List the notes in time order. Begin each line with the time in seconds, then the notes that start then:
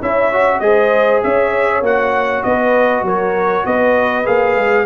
0.00 C#4 E4 C#5 E5
0.32 F#4
0.60 G#3 G#4 C5 D#5
1.23 C#4 C#5 E5
1.81 A#3 F#4 F#5
2.43 B3 B4 D#5
3.02 F#3 A#4 C#5
3.66 B3 B4 D#5
4.24 A#3 G#4 F5
4.55 G#3